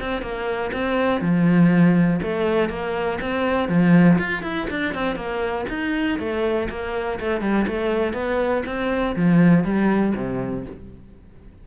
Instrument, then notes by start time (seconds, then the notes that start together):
cello
0.00 C4
0.21 A#3
0.72 C4
1.21 F3
2.22 A3
2.69 A#3
3.21 C4
3.69 F3
4.18 F4
4.42 E4
4.70 D4
4.94 C4
5.15 A#3
5.69 D#4
6.18 A3
6.70 A#3
7.19 A3
7.41 G3
7.67 A3
8.13 B3
8.66 C4
9.15 F3
9.64 G3
10.15 C3